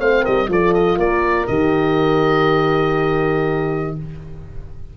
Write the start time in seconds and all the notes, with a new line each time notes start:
0.00 A3 C4 C5 F5
0.23 G3 A#4 D#5
0.48 F3 F4 A4 D5
0.74 D#5
0.97 A#3 A#4 D5
1.47 D#3 G4 D#5